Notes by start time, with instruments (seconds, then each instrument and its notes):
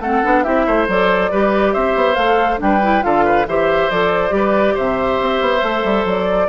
0.00 bassoon A3, clarinet C4, oboe A4, flute F#5
0.24 bassoon B3, clarinet D4
0.43 bassoon C4, clarinet E4, oboe G4, flute E5
0.67 bassoon A3, oboe C5
0.88 bassoon F#3, clarinet A4, flute D5
1.32 bassoon G3, clarinet G4, oboe B4
1.73 bassoon C4, oboe C5, flute E5
1.96 bassoon B3
2.15 bassoon A3, clarinet A4, flute F5
2.57 bassoon G3, clarinet D4, flute G5
2.64 oboe B4
2.83 clarinet E4
3.02 bassoon D3, clarinet F4, oboe A4, flute F5
3.25 oboe B4
3.47 bassoon E3, clarinet G4, oboe C5, flute E5
3.90 bassoon F3, clarinet A4, flute D5
4.30 bassoon G3, clarinet G4
4.36 oboe B4
4.75 bassoon C3, oboe C5, flute E5
5.21 bassoon C4
5.41 bassoon B3
5.62 bassoon A3, clarinet A4
5.85 bassoon G3
6.05 bassoon F#3, flute D5